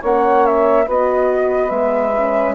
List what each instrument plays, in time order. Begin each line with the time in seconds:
0.00 bassoon A#3, horn C#4, saxophone C#5, flute F#5
0.46 flute E5
0.86 bassoon B3, horn F#4, saxophone B4, flute D#5
1.70 bassoon G#3, horn B3, flute E5
2.16 horn C#4